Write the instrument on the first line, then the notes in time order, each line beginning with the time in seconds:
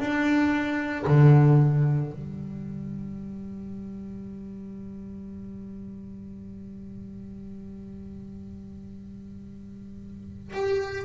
double bass
0.00 D4
1.07 D3
2.12 G3
10.54 G4